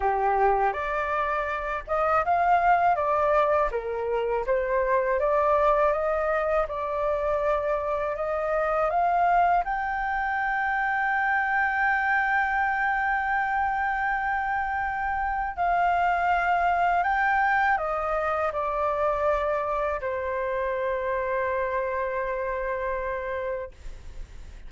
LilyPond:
\new Staff \with { instrumentName = "flute" } { \time 4/4 \tempo 4 = 81 g'4 d''4. dis''8 f''4 | d''4 ais'4 c''4 d''4 | dis''4 d''2 dis''4 | f''4 g''2.~ |
g''1~ | g''4 f''2 g''4 | dis''4 d''2 c''4~ | c''1 | }